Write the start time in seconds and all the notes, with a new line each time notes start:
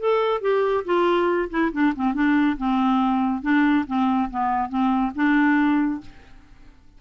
0.00 A4
0.41 G4
0.85 F4
1.50 E4
1.72 D4
1.96 C4
2.14 D4
2.58 C4
3.42 D4
3.87 C4
4.31 B3
4.69 C4
5.15 D4